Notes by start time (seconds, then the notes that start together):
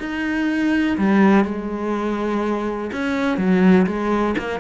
0.00 D#4
0.98 G3
1.45 G#3
2.92 C#4
3.37 F#3
3.87 G#3
4.38 A#3